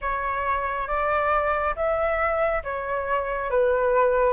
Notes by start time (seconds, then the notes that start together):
0.01 C#5
0.87 D5
1.75 E5
2.63 C#5
3.50 B4